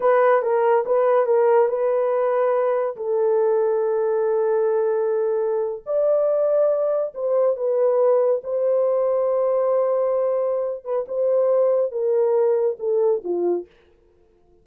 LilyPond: \new Staff \with { instrumentName = "horn" } { \time 4/4 \tempo 4 = 141 b'4 ais'4 b'4 ais'4 | b'2. a'4~ | a'1~ | a'4.~ a'16 d''2~ d''16~ |
d''8. c''4 b'2 c''16~ | c''1~ | c''4. b'8 c''2 | ais'2 a'4 f'4 | }